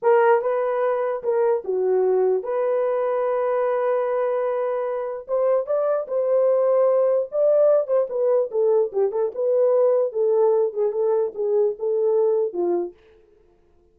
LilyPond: \new Staff \with { instrumentName = "horn" } { \time 4/4 \tempo 4 = 148 ais'4 b'2 ais'4 | fis'2 b'2~ | b'1~ | b'4 c''4 d''4 c''4~ |
c''2 d''4. c''8 | b'4 a'4 g'8 a'8 b'4~ | b'4 a'4. gis'8 a'4 | gis'4 a'2 f'4 | }